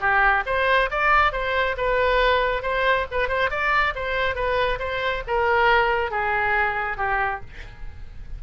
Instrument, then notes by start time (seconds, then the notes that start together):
oboe
0.00 G4
0.46 C5
0.91 D5
1.32 C5
1.77 B4
2.62 C5
3.11 B4
3.28 C5
3.50 D5
3.95 C5
4.35 B4
4.79 C5
5.27 A#4
6.10 G#4
6.97 G4